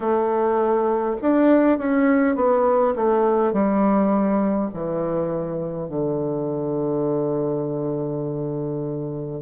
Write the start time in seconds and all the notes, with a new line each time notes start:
0.00 A3
1.21 D4
1.78 C#4
2.35 B3
2.95 A3
3.52 G3
4.73 E3
5.88 D3